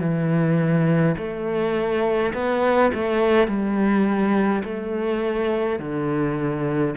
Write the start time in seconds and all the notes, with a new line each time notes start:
0.00 E3
1.17 A3
2.33 B3
2.94 A3
3.47 G3
4.64 A3
5.79 D3